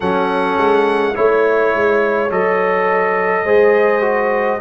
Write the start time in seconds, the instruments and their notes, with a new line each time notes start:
0.00 tuba F#3, trombone C#4, horn A4, trumpet F#5
0.57 tuba G#3
1.14 tuba A3, trombone E4, trumpet C#5, horn C#5
1.75 tuba G#3
2.30 tuba F#3, trombone A4, trumpet D#5
3.44 tuba G#3, trombone G#4, horn C5
4.01 trombone F#4